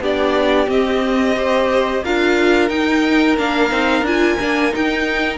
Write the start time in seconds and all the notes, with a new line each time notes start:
0.00 B3 D4 G4 D5
0.67 C4 D#5
1.36 G4 C5
2.04 D4 F4 A#4 F5
2.70 D#4 G5
3.38 A#3 D4 F5
3.70 C4 D#4
4.02 D4 F4 G#5
4.39 A#3 D4
4.72 D#4 G5